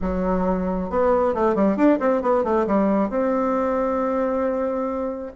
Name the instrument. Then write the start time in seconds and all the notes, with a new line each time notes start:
bassoon
0.01 F#3
0.89 B3
1.34 A3
1.55 G3
1.76 D4
1.99 C4
2.22 B3
2.44 A3
2.67 G3
3.09 C4